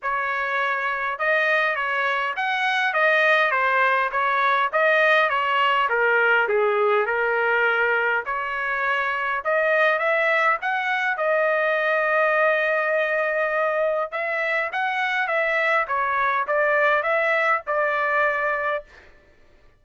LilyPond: \new Staff \with { instrumentName = "trumpet" } { \time 4/4 \tempo 4 = 102 cis''2 dis''4 cis''4 | fis''4 dis''4 c''4 cis''4 | dis''4 cis''4 ais'4 gis'4 | ais'2 cis''2 |
dis''4 e''4 fis''4 dis''4~ | dis''1 | e''4 fis''4 e''4 cis''4 | d''4 e''4 d''2 | }